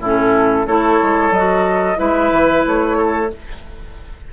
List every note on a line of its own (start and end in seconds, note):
0.00 0.66 A2
0.00 0.67 C#4
0.00 0.67 E4
0.00 0.67 A4
0.67 1.01 A3
0.67 1.33 E4
0.67 1.99 A4
0.67 1.33 C#5
1.02 1.31 G#3
1.31 1.97 F#3
1.31 1.96 F#4
1.31 1.99 D#5
1.96 2.32 G#3
1.96 3.28 E4
1.96 2.98 B4
1.96 2.65 E5
2.32 2.65 E3
2.67 3.33 A3
2.67 3.33 C#5
2.98 3.31 A4